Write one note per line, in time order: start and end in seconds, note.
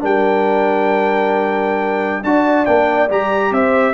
0.00 2.23 G3
0.00 2.23 D4
0.00 2.24 A#4
0.00 2.23 G5
2.23 2.66 D4
2.23 2.66 F#4
2.23 3.52 D5
2.23 2.65 A5
2.65 3.09 A#3
2.65 3.09 D4
2.65 3.08 G5
3.09 3.51 G3
3.09 3.93 G4
3.09 3.53 A#5
3.51 3.93 C4
3.51 3.93 C5
3.51 3.93 E5